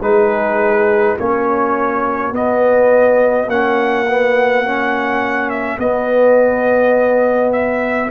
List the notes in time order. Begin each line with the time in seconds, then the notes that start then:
0.00 G#3 D#4 G#4 B4
1.16 A#3 C#4 F#4 C#5
2.32 B3 D#5
3.46 A#3 C#4 F#5
4.07 B3
4.65 C#4
5.50 E5
5.78 B3 D#5
7.52 E5